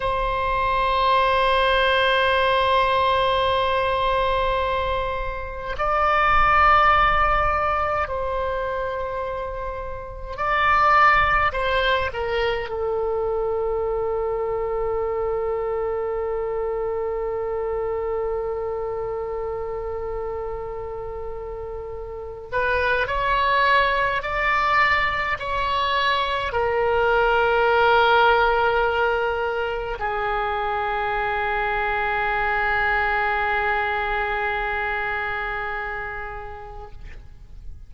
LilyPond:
\new Staff \with { instrumentName = "oboe" } { \time 4/4 \tempo 4 = 52 c''1~ | c''4 d''2 c''4~ | c''4 d''4 c''8 ais'8 a'4~ | a'1~ |
a'2.~ a'8 b'8 | cis''4 d''4 cis''4 ais'4~ | ais'2 gis'2~ | gis'1 | }